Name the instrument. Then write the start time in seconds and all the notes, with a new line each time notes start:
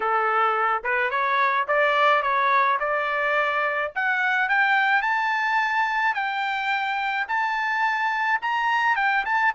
trumpet
0.00 A4
0.83 B4
1.10 C#5
1.67 D5
2.22 C#5
2.79 D5
3.95 F#5
4.49 G5
5.02 A5
6.14 G5
7.27 A5
8.41 A#5
8.96 G5
9.25 A5